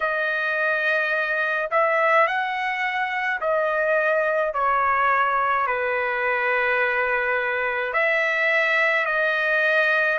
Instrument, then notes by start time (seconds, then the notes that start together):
trumpet
0.00 D#5
1.70 E5
2.27 F#5
3.40 D#5
4.53 C#5
5.66 B4
7.92 E5
9.05 D#5